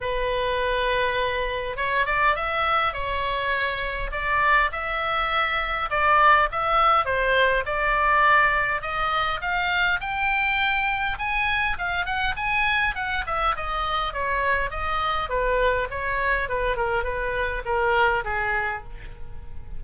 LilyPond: \new Staff \with { instrumentName = "oboe" } { \time 4/4 \tempo 4 = 102 b'2. cis''8 d''8 | e''4 cis''2 d''4 | e''2 d''4 e''4 | c''4 d''2 dis''4 |
f''4 g''2 gis''4 | f''8 fis''8 gis''4 fis''8 e''8 dis''4 | cis''4 dis''4 b'4 cis''4 | b'8 ais'8 b'4 ais'4 gis'4 | }